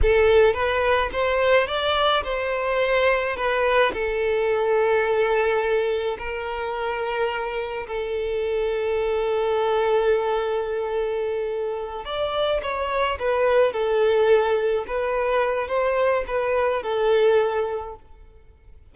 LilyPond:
\new Staff \with { instrumentName = "violin" } { \time 4/4 \tempo 4 = 107 a'4 b'4 c''4 d''4 | c''2 b'4 a'4~ | a'2. ais'4~ | ais'2 a'2~ |
a'1~ | a'4. d''4 cis''4 b'8~ | b'8 a'2 b'4. | c''4 b'4 a'2 | }